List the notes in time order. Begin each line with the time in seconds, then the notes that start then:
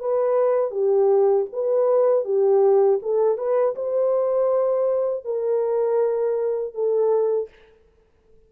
0.00 B4
0.71 G4
1.53 B4
2.25 G4
3.03 A4
3.38 B4
3.76 C5
5.25 A#4
6.74 A4